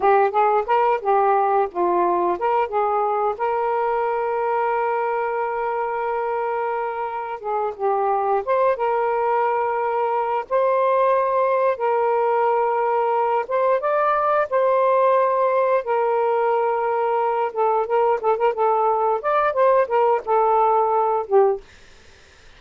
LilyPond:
\new Staff \with { instrumentName = "saxophone" } { \time 4/4 \tempo 4 = 89 g'8 gis'8 ais'8 g'4 f'4 ais'8 | gis'4 ais'2.~ | ais'2. gis'8 g'8~ | g'8 c''8 ais'2~ ais'8 c''8~ |
c''4. ais'2~ ais'8 | c''8 d''4 c''2 ais'8~ | ais'2 a'8 ais'8 a'16 ais'16 a'8~ | a'8 d''8 c''8 ais'8 a'4. g'8 | }